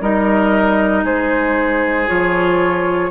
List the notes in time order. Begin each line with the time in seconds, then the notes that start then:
0.00 G3 D#4 A#4 D#5
1.03 G#3 G#4 C5
2.07 F3 F4 C#5